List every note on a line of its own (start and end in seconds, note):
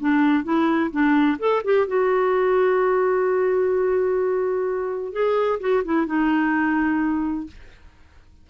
0.00 0.43 D4
0.43 0.90 E4
0.91 1.38 D4
1.39 1.63 A4
1.64 1.87 G4
1.87 5.12 F#4
5.12 5.59 G#4
5.60 5.83 F#4
5.84 6.06 E4
6.06 7.47 D#4